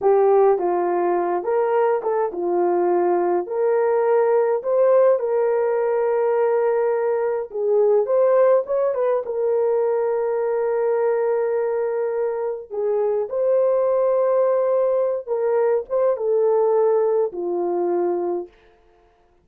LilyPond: \new Staff \with { instrumentName = "horn" } { \time 4/4 \tempo 4 = 104 g'4 f'4. ais'4 a'8 | f'2 ais'2 | c''4 ais'2.~ | ais'4 gis'4 c''4 cis''8 b'8 |
ais'1~ | ais'2 gis'4 c''4~ | c''2~ c''8 ais'4 c''8 | a'2 f'2 | }